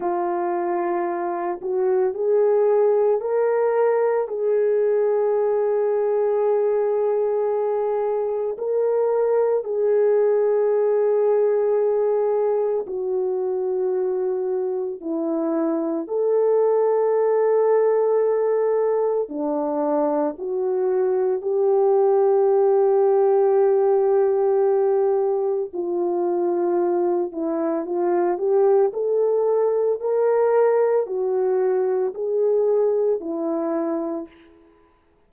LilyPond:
\new Staff \with { instrumentName = "horn" } { \time 4/4 \tempo 4 = 56 f'4. fis'8 gis'4 ais'4 | gis'1 | ais'4 gis'2. | fis'2 e'4 a'4~ |
a'2 d'4 fis'4 | g'1 | f'4. e'8 f'8 g'8 a'4 | ais'4 fis'4 gis'4 e'4 | }